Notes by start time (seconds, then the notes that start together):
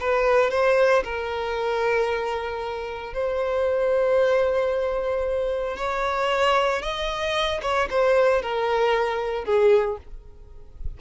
0.00 B4
0.51 C5
1.04 A#4
3.14 C5
5.77 C#5
6.82 D#5
7.62 C#5
7.90 C5
8.42 A#4
9.45 G#4